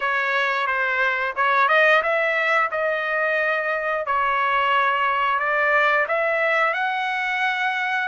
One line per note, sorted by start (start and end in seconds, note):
0.00 0.66 C#5
0.66 1.34 C5
1.36 1.68 C#5
1.68 2.02 D#5
2.02 2.70 E5
2.71 4.06 D#5
4.06 5.39 C#5
5.39 6.06 D5
6.08 6.73 E5
6.73 8.08 F#5